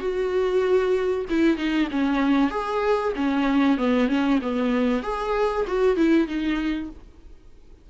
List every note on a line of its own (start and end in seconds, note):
0.00 1.25 F#4
1.30 1.57 E4
1.57 1.89 D#4
1.91 2.50 C#4
2.50 3.13 G#4
3.15 3.78 C#4
3.78 4.08 B3
4.08 4.39 C#4
4.41 5.03 B3
5.03 5.65 G#4
5.67 5.96 F#4
5.96 6.27 E4
6.27 6.90 D#4